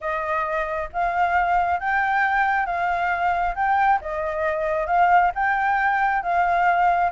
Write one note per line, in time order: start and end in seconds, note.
0.00 0.89 D#5
0.92 1.79 F5
1.79 2.65 G5
2.65 3.54 F5
3.55 3.99 G5
4.01 4.87 D#5
4.87 5.31 F5
5.34 6.22 G5
6.22 7.11 F5